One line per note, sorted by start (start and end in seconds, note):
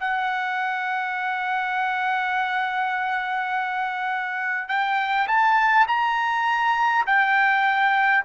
0.00 4.69 F#5
4.69 5.28 G5
5.28 5.87 A5
5.88 7.05 A#5
7.06 8.24 G5